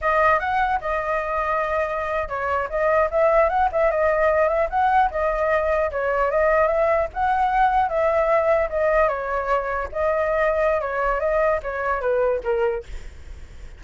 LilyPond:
\new Staff \with { instrumentName = "flute" } { \time 4/4 \tempo 4 = 150 dis''4 fis''4 dis''2~ | dis''4.~ dis''16 cis''4 dis''4 e''16~ | e''8. fis''8 e''8 dis''4. e''8 fis''16~ | fis''8. dis''2 cis''4 dis''16~ |
dis''8. e''4 fis''2 e''16~ | e''4.~ e''16 dis''4 cis''4~ cis''16~ | cis''8. dis''2~ dis''16 cis''4 | dis''4 cis''4 b'4 ais'4 | }